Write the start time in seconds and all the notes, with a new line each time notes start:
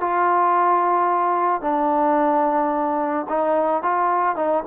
0.00 F4
1.61 D4
3.29 D#4
3.82 F4
4.36 D#4